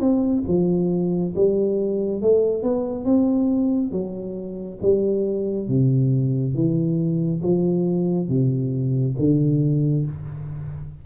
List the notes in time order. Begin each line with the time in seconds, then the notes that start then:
0.00 C4
0.48 F3
1.35 G3
2.22 A3
2.63 B3
3.05 C4
3.92 F#3
4.82 G3
5.68 C3
6.55 E3
7.43 F3
8.28 C3
9.19 D3